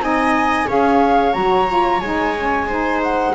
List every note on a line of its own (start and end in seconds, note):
0.00 0.67 C4
0.00 0.68 D#4
0.00 0.67 D#5
0.00 0.69 G#5
0.67 1.35 C#4
0.67 1.33 G#4
0.67 2.67 C#5
0.67 1.34 F5
1.33 2.02 F#3
1.33 1.67 F#4
1.33 2.01 A#5
1.68 2.01 F4
2.01 3.35 G#3
2.01 2.37 D#4
2.01 3.01 G#5
2.37 2.70 C#4
2.68 3.35 D#4
2.68 3.34 C5
3.03 3.35 F#5